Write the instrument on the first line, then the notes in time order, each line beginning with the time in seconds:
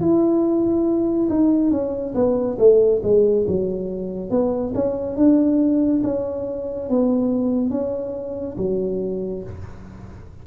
tuba
0.00 E4
1.29 D#4
1.71 C#4
2.14 B3
2.58 A3
3.03 G#3
3.47 F#3
4.30 B3
4.75 C#4
5.16 D4
6.04 C#4
6.89 B3
7.70 C#4
8.57 F#3